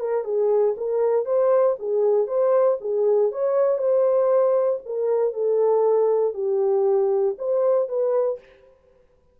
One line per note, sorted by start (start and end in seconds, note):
0.00 0.24 A#4
0.24 0.75 G#4
0.77 1.25 A#4
1.25 1.76 C5
1.79 2.27 G#4
2.27 2.78 C5
2.81 3.32 G#4
3.32 3.78 C#5
3.78 4.80 C5
4.85 5.33 A#4
5.33 6.34 A4
6.34 7.35 G4
7.38 7.89 C5
7.89 8.40 B4